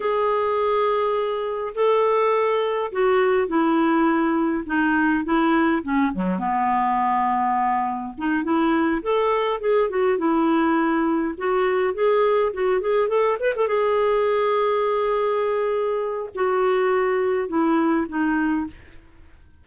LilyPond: \new Staff \with { instrumentName = "clarinet" } { \time 4/4 \tempo 4 = 103 gis'2. a'4~ | a'4 fis'4 e'2 | dis'4 e'4 cis'8 fis8 b4~ | b2 dis'8 e'4 a'8~ |
a'8 gis'8 fis'8 e'2 fis'8~ | fis'8 gis'4 fis'8 gis'8 a'8 b'16 a'16 gis'8~ | gis'1 | fis'2 e'4 dis'4 | }